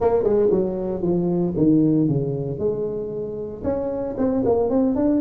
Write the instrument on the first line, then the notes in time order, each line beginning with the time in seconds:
tuba
0.00 A#3
0.23 G#3
0.51 F#3
1.02 F3
1.57 D#3
2.08 C#3
2.58 G#3
3.63 C#4
4.17 C4
4.45 A#3
4.69 C4
4.95 D4